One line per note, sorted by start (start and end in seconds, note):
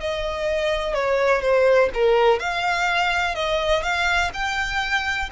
0.00 0.94 D#5
0.94 1.41 C#5
1.41 1.89 C5
1.94 2.39 A#4
2.39 3.35 F5
3.35 3.82 D#5
3.82 4.30 F5
4.33 5.29 G5